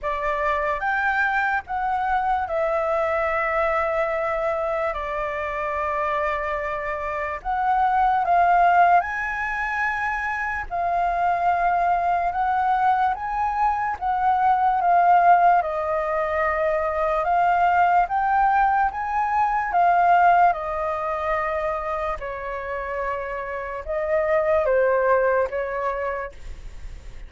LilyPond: \new Staff \with { instrumentName = "flute" } { \time 4/4 \tempo 4 = 73 d''4 g''4 fis''4 e''4~ | e''2 d''2~ | d''4 fis''4 f''4 gis''4~ | gis''4 f''2 fis''4 |
gis''4 fis''4 f''4 dis''4~ | dis''4 f''4 g''4 gis''4 | f''4 dis''2 cis''4~ | cis''4 dis''4 c''4 cis''4 | }